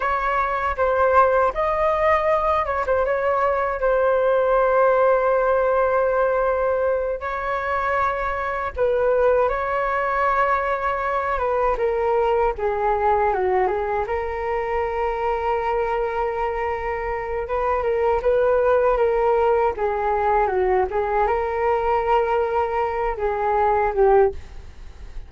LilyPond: \new Staff \with { instrumentName = "flute" } { \time 4/4 \tempo 4 = 79 cis''4 c''4 dis''4. cis''16 c''16 | cis''4 c''2.~ | c''4. cis''2 b'8~ | b'8 cis''2~ cis''8 b'8 ais'8~ |
ais'8 gis'4 fis'8 gis'8 ais'4.~ | ais'2. b'8 ais'8 | b'4 ais'4 gis'4 fis'8 gis'8 | ais'2~ ais'8 gis'4 g'8 | }